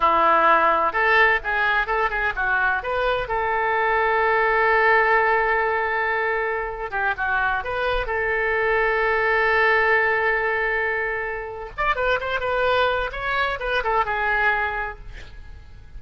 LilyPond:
\new Staff \with { instrumentName = "oboe" } { \time 4/4 \tempo 4 = 128 e'2 a'4 gis'4 | a'8 gis'8 fis'4 b'4 a'4~ | a'1~ | a'2~ a'8. g'8 fis'8.~ |
fis'16 b'4 a'2~ a'8.~ | a'1~ | a'4 d''8 b'8 c''8 b'4. | cis''4 b'8 a'8 gis'2 | }